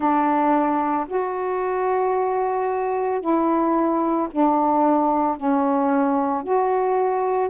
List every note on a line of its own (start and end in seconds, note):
0.00 1.07 D4
1.07 3.20 F#4
3.20 4.28 E4
4.31 5.36 D4
5.36 6.43 C#4
6.43 7.49 F#4